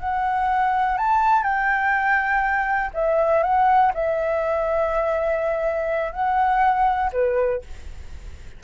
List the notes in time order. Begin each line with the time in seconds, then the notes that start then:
0.00 F#5
0.98 A5
1.43 G5
2.94 E5
3.43 F#5
3.95 E5
6.13 F#5
7.13 B4